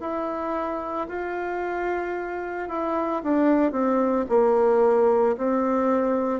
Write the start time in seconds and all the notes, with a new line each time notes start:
0.00 E4
1.08 F4
2.68 E4
3.23 D4
3.72 C4
4.29 A#3
5.37 C4